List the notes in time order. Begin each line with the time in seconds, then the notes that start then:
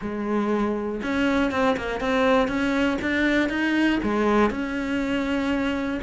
0.01 G#3
1.02 C#4
1.51 C4
1.76 A#3
2.00 C4
2.48 C#4
3.01 D4
3.49 D#4
4.03 G#3
4.50 C#4